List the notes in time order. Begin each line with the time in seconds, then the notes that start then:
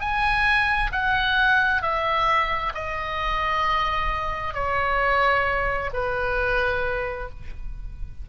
0.00 G#5
0.92 F#5
1.82 E5
2.74 D#5
4.55 C#5
5.93 B4